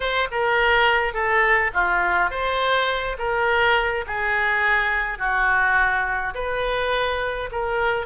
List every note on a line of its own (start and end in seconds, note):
0.00 0.28 C5
0.31 1.13 A#4
1.13 1.71 A4
1.73 2.30 F4
2.30 3.17 C5
3.18 4.04 A#4
4.06 5.18 G#4
5.18 6.34 F#4
6.34 7.49 B4
7.51 8.06 A#4